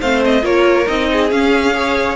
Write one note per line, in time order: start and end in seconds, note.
0.00 0.43 A3
0.00 0.42 C4
0.00 0.43 C5
0.00 0.23 F5
0.25 0.45 D#5
0.42 0.86 A#3
0.42 0.85 F4
0.42 1.09 A#4
0.42 0.88 C#5
0.87 1.31 C4
0.87 1.30 D#4
0.87 1.31 D#5
1.12 1.76 G#4
1.31 1.74 C#4
1.31 2.16 C#4
1.31 2.16 F5
1.74 2.16 G#4
1.74 2.16 C#5